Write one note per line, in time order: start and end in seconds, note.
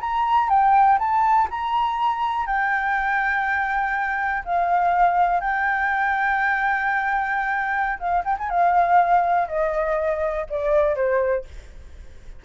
0.00 0.49 A#5
0.49 0.98 G5
0.98 1.48 A5
1.50 2.46 A#5
2.46 4.43 G5
4.44 5.40 F5
5.40 7.98 G5
7.99 8.23 F5
8.24 8.37 G5
8.38 8.49 G#5
8.49 9.48 F5
9.48 10.46 D#5
10.49 10.95 D5
10.95 11.44 C5